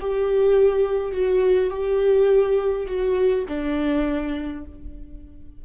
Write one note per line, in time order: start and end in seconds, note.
0.00 1.12 G4
1.12 1.70 F#4
1.70 2.87 G4
2.87 3.45 F#4
3.48 4.65 D4